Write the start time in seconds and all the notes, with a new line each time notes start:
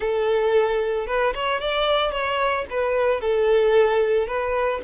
0.00 A4
1.06 B4
1.34 C#5
1.60 D5
2.11 C#5
2.69 B4
3.20 A4
4.27 B4